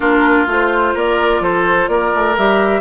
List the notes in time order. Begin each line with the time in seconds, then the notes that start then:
0.00 A#3 D4 F4 A#4
0.47 A3 F4 C5
0.94 A#3 A#4 D5
1.39 F3 A4 C5
1.88 A#3 A#4 D5
2.14 A3
2.37 G3 G4 E5